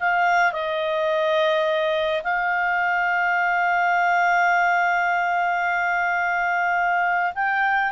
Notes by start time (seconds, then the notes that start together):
0.00 F5
0.53 D#5
2.24 F5
7.35 G5